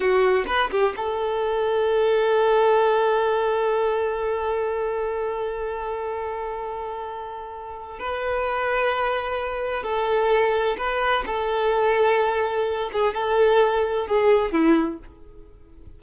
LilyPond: \new Staff \with { instrumentName = "violin" } { \time 4/4 \tempo 4 = 128 fis'4 b'8 g'8 a'2~ | a'1~ | a'1~ | a'1~ |
a'4 b'2.~ | b'4 a'2 b'4 | a'2.~ a'8 gis'8 | a'2 gis'4 e'4 | }